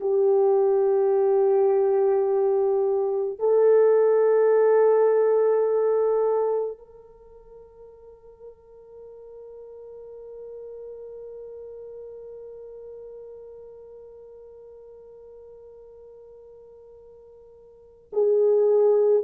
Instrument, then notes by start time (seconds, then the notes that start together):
horn
0.00 G4
3.39 A4
6.78 A#4
18.12 G#4